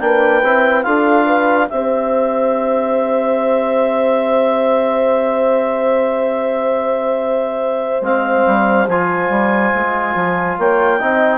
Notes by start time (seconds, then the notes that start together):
0.00 A#3 D4 B4 G5
0.43 C4 E4
0.83 D4 F4 A4 F5
1.26 B4
1.69 C4 G4 C5 E5
8.01 G#3 C4 F5
8.46 G3
8.87 F3 F4 G#5
9.29 G3
9.74 G#3
10.14 F3
10.58 A#3 C#5 G5
10.99 C4 D#4 D#5